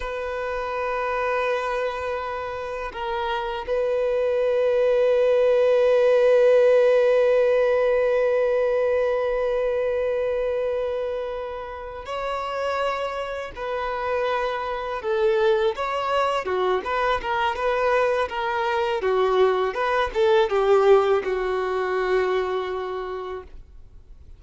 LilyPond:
\new Staff \with { instrumentName = "violin" } { \time 4/4 \tempo 4 = 82 b'1 | ais'4 b'2.~ | b'1~ | b'1~ |
b'8 cis''2 b'4.~ | b'8 a'4 cis''4 fis'8 b'8 ais'8 | b'4 ais'4 fis'4 b'8 a'8 | g'4 fis'2. | }